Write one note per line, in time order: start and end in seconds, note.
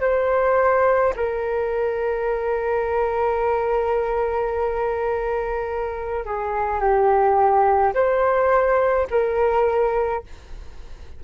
0.00 1.13 C5
1.16 6.25 A#4
6.25 6.80 G#4
6.80 7.93 G4
7.94 9.07 C5
9.10 10.23 A#4